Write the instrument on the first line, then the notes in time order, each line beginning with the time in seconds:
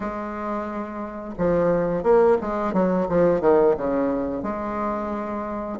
bassoon
0.00 G#3
1.38 F3
2.03 A#3
2.40 G#3
2.73 F#3
3.08 F3
3.41 D#3
3.77 C#3
4.42 G#3